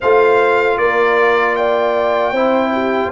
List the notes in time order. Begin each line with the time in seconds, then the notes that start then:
0.00 A3 F4 C5 F5
0.77 A#3 A#4 D5
1.55 D5 G5
2.32 C4 E4 C5
2.72 G4